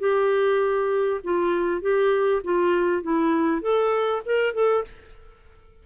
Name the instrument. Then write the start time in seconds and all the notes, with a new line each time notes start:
clarinet
0.00 G4
1.24 F4
1.82 G4
2.44 F4
3.03 E4
3.62 A4
4.26 A#4
4.54 A4